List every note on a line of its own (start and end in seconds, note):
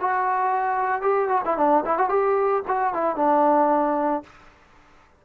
0.00 1.02 F#4
1.02 1.28 G4
1.28 1.41 F#4
1.45 1.57 E4
1.57 1.84 D4
1.85 1.98 E4
1.98 2.09 F#4
2.09 2.62 G4
2.67 2.93 F#4
2.93 3.16 E4
3.16 4.23 D4